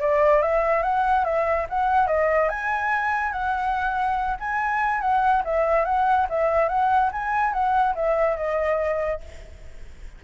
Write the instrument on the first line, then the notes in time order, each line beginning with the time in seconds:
flute
0.00 D5
0.42 E5
0.83 F#5
1.24 E5
1.69 F#5
2.07 D#5
2.49 G#5
3.32 F#5
4.40 G#5
5.01 F#5
5.44 E5
5.85 F#5
6.29 E5
6.68 F#5
7.12 G#5
7.53 F#5
7.95 E5
8.37 D#5